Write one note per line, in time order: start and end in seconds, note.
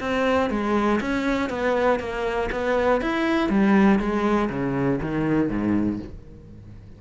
0.00 0.50 C4
0.50 1.00 G#3
1.01 1.50 C#4
1.50 2.00 B3
2.00 2.50 A#3
2.52 3.01 B3
3.01 3.49 E4
3.49 3.99 G3
3.99 4.49 G#3
4.50 5.00 C#3
5.02 5.49 D#3
5.49 5.99 G#2